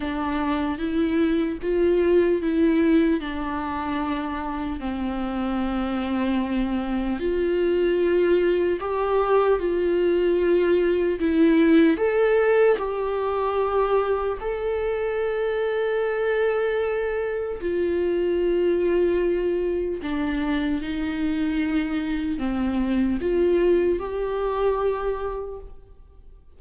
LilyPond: \new Staff \with { instrumentName = "viola" } { \time 4/4 \tempo 4 = 75 d'4 e'4 f'4 e'4 | d'2 c'2~ | c'4 f'2 g'4 | f'2 e'4 a'4 |
g'2 a'2~ | a'2 f'2~ | f'4 d'4 dis'2 | c'4 f'4 g'2 | }